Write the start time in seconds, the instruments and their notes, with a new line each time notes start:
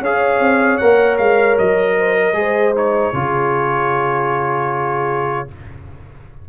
0.00 tuba C#4, trombone G#4, horn C#5, trumpet F5
0.39 tuba C4
0.77 tuba A#3, trombone A#4, trumpet F#5
1.18 tuba G#3, trumpet F5
1.58 tuba F#3, trumpet D#5
1.99 horn C5
2.17 horn A#4
2.33 tuba G#3, trombone G#4, horn C5
2.75 trombone D#4, trumpet C#5
3.13 tuba C#3, trombone F4, horn G#4